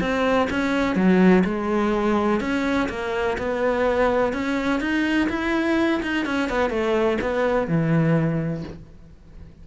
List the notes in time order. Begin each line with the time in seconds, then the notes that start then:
0.00 C4
0.49 C#4
0.95 F#3
1.44 G#3
2.40 C#4
2.89 A#3
3.38 B3
4.33 C#4
4.80 D#4
5.29 E4
6.02 D#4
6.25 C#4
6.49 B3
6.70 A3
7.21 B3
7.67 E3